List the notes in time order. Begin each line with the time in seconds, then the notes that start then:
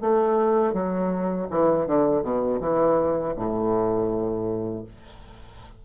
0.00 A3
0.73 F#3
1.50 E3
1.86 D3
2.22 B2
2.60 E3
3.36 A2